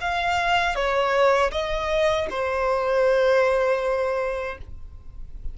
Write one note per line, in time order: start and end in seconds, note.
0.00 0.75 F5
0.75 1.51 C#5
1.51 2.27 D#5
2.30 4.57 C5